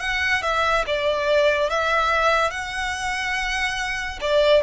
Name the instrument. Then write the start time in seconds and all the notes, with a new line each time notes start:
violin
0.00 F#5
0.42 E5
0.87 D5
1.70 E5
2.50 F#5
4.21 D5